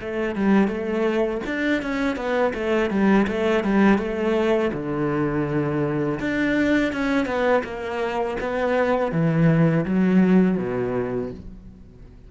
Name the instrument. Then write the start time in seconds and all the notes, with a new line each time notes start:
cello
0.00 A3
0.35 G3
0.68 A3
1.46 D4
1.82 C#4
2.16 B3
2.53 A3
2.90 G3
3.27 A3
3.64 G3
3.98 A3
4.73 D3
6.20 D4
6.92 C#4
7.26 B3
7.63 A#3
8.40 B3
9.12 E3
9.85 F#3
10.57 B2